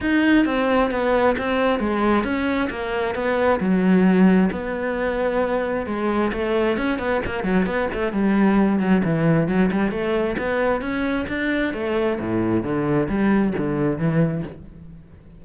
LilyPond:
\new Staff \with { instrumentName = "cello" } { \time 4/4 \tempo 4 = 133 dis'4 c'4 b4 c'4 | gis4 cis'4 ais4 b4 | fis2 b2~ | b4 gis4 a4 cis'8 b8 |
ais8 fis8 b8 a8 g4. fis8 | e4 fis8 g8 a4 b4 | cis'4 d'4 a4 a,4 | d4 g4 d4 e4 | }